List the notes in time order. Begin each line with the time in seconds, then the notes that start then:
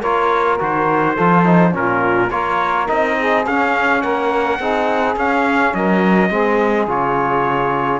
0.00 A#3 F4 A#4 C#5
0.59 D#3 F#4 C5
1.14 F3 F4 A4
1.45 D#4
1.72 A#2 C#4 F4 A#4
2.30 A#3 F4 A#4 C#5
2.87 C4 D#4 D#5
3.19 G#4
3.46 C#4 F5
4.01 A#3 A#4 F#5
4.59 C4 D#4 G#4
5.16 C#4 F5
5.74 F#3 A#4 D#5
6.30 G#3 C4 G#4
6.87 C#3 F4 C#5